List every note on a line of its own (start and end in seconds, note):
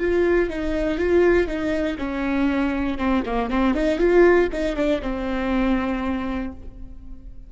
0.00 0.50 F4
0.50 0.99 D#4
0.99 1.47 F4
1.47 1.97 D#4
1.99 2.99 C#4
2.99 3.24 C4
3.26 3.51 A#3
3.51 3.75 C4
3.75 3.99 D#4
3.99 4.49 F4
4.53 4.76 D#4
4.76 5.01 D4
5.02 6.53 C4